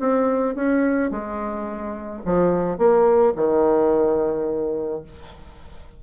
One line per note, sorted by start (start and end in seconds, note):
0.00 0.56 C4
0.56 1.11 C#4
1.11 2.22 G#3
2.26 2.78 F3
2.78 3.34 A#3
3.36 5.03 D#3